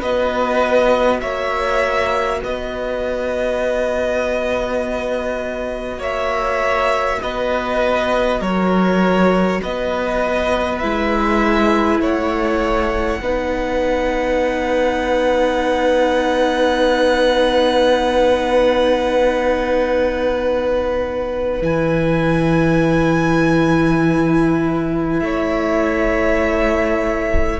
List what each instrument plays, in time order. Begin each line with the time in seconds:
0.00 cello B3, viola F#4, violin B4 D#5
1.20 cello A#3, violin C#5 E5
2.39 cello B3, violin B4 D#5
5.98 cello A#3, violin C#5 E5
7.23 cello B3, violin B4 D#5
8.40 cello F#3, violin A#4 C#5
9.62 cello B3, violin B4 D#5
10.79 cello G#3, viola E4, violin E5
12.00 cello A3, violin C#5 F#5
13.21 cello B3, viola D#4, violin B4
21.61 cello E3, viola E4, violin G#5
25.20 cello A3, violin C#5 E5